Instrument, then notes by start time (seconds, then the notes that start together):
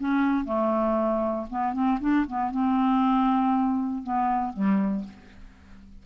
clarinet
0.00 C#4
0.45 A3
1.50 B3
1.73 C4
2.01 D4
2.27 B3
2.51 C4
4.03 B3
4.53 G3